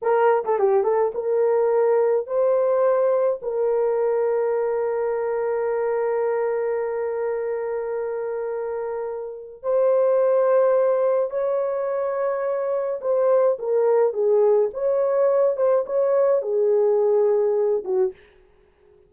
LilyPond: \new Staff \with { instrumentName = "horn" } { \time 4/4 \tempo 4 = 106 ais'8. a'16 g'8 a'8 ais'2 | c''2 ais'2~ | ais'1~ | ais'1~ |
ais'4 c''2. | cis''2. c''4 | ais'4 gis'4 cis''4. c''8 | cis''4 gis'2~ gis'8 fis'8 | }